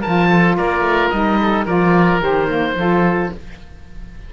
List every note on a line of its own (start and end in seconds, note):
0.00 1.12 F4
0.00 0.27 A#4
0.00 0.56 A5
0.06 0.58 F3
0.29 0.56 A4
0.56 0.80 A#3
0.56 1.38 A#4
0.56 1.09 D5
0.80 1.08 A3
1.09 1.66 G3
1.09 1.66 D#4
1.09 1.64 D#5
1.41 1.65 A4
1.65 2.19 F3
1.65 2.21 F4
1.65 2.74 A#4
1.65 2.21 D5
2.19 2.74 D#3
2.19 2.46 G4
2.19 3.31 C5
2.46 2.74 A#3
2.74 3.29 F3
2.74 3.31 F4
2.74 3.33 A4